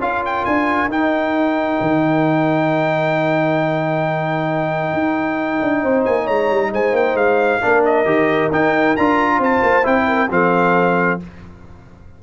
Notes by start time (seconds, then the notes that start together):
0.00 C#4 F4 A#4 F5
0.26 G5
0.45 D4 G#5
0.88 D#4 G5
1.81 D#3
4.94 D#4
5.62 D4
5.83 C4 C5
6.05 A#3 G#5
6.24 G#3 C#5 A#5
6.51 G3
6.73 G#3 C5 G#5
6.92 A#3 G5
7.15 G#3 F5
7.62 A#3 D4 A#4
7.85 D#5
8.05 D#3 G4
8.51 D#4 G5
8.97 D4 F4 A#5
9.39 C4 C5 A5
9.63 A#3
9.83 C4 E4 G5
10.08 A#4
10.31 F3 C4 A4 F5